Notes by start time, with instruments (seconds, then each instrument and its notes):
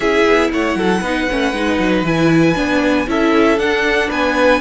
0.00 cello C#4, viola E4, violin G#4 E5
0.26 cello B3
0.52 cello A3, violin C#5 F#5
0.75 cello F#3, violin A4
1.01 cello B3, viola D#4, violin B4
1.30 cello A3, viola C#4
1.52 cello G#3, viola D#4
1.78 cello F#3
2.02 cello E3, viola E4, violin G#5
2.55 cello B3, viola D4
3.07 cello C#4, viola E4, violin A4 E5
3.57 cello D4, viola D4, violin F#5
4.09 cello B3, violin B4 G#5